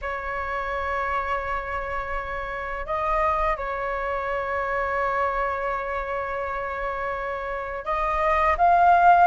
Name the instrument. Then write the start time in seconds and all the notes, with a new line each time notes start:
flute
0.01 C#5
2.86 D#5
3.56 C#5
7.84 D#5
8.57 F5